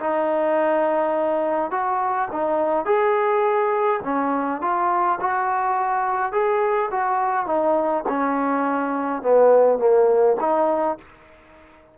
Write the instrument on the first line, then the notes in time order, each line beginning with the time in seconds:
trombone
0.00 D#4
1.71 F#4
2.32 D#4
2.86 G#4
4.04 C#4
4.62 F4
5.21 F#4
6.33 G#4
6.91 F#4
7.47 D#4
8.09 C#4
9.23 B3
9.79 A#3
10.41 D#4